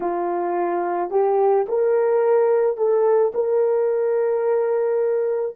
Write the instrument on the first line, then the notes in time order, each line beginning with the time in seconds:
horn
0.00 F4
1.10 G4
1.68 A#4
2.77 A4
3.34 A#4